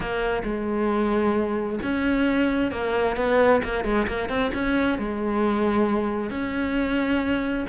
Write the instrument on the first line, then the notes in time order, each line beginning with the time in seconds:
cello
0.00 A#3
0.43 G#3
1.82 C#4
2.71 A#3
3.16 B3
3.63 A#3
3.84 G#3
4.07 A#3
4.29 C4
4.53 C#4
4.98 G#3
6.30 C#4